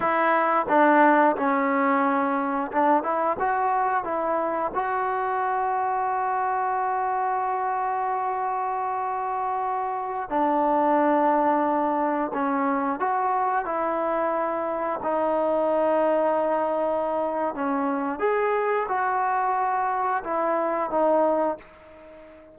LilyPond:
\new Staff \with { instrumentName = "trombone" } { \time 4/4 \tempo 4 = 89 e'4 d'4 cis'2 | d'8 e'8 fis'4 e'4 fis'4~ | fis'1~ | fis'2.~ fis'16 d'8.~ |
d'2~ d'16 cis'4 fis'8.~ | fis'16 e'2 dis'4.~ dis'16~ | dis'2 cis'4 gis'4 | fis'2 e'4 dis'4 | }